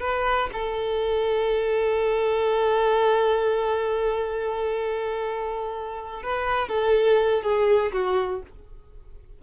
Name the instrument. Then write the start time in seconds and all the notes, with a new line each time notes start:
violin
0.00 B4
0.53 A4
6.23 B4
6.68 A4
7.42 G#4
7.92 F#4